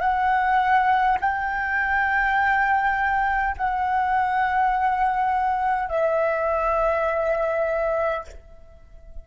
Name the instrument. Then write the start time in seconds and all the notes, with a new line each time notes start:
flute
0.00 F#5
1.20 G5
3.57 F#5
5.89 E5